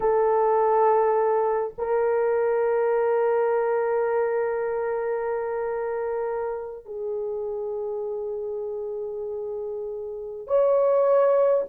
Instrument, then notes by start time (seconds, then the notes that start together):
horn
0.00 A4
1.78 A#4
6.85 G#4
10.47 C#5